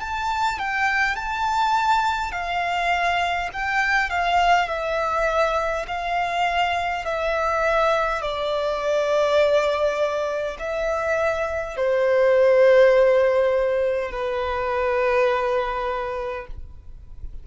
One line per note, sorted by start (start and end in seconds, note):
0.00 0.59 A5
0.59 1.16 G5
1.16 2.32 A5
2.32 3.49 F5
3.53 4.10 G5
4.10 4.68 F5
4.68 5.86 E5
5.87 7.05 F5
7.05 8.22 E5
8.22 10.57 D5
10.59 11.76 E5
11.76 14.11 C5
14.11 16.47 B4